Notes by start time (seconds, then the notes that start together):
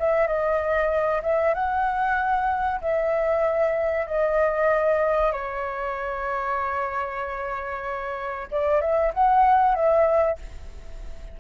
0.00 E5
0.27 D#5
1.23 E5
1.55 F#5
2.81 E5
4.07 D#5
5.33 C#5
8.51 D5
8.81 E5
9.14 F#5
9.75 E5